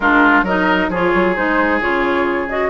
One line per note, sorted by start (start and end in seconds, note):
0.00 0.42 G#3
0.00 0.46 D4
0.00 0.44 F4
0.00 0.43 A#4
0.42 0.87 F#3
0.42 0.92 D#4
0.42 0.89 A#4
0.42 0.91 D#5
0.89 1.11 F3
0.89 1.36 F4
0.89 2.69 G#4
0.89 1.35 C#5
1.14 1.37 F#3
1.35 1.81 G#3
1.35 1.80 D#4
1.35 1.80 C5
1.80 2.69 C#3
1.80 2.48 F4
1.80 2.49 C#5
2.49 2.69 F#4
2.49 2.69 D#5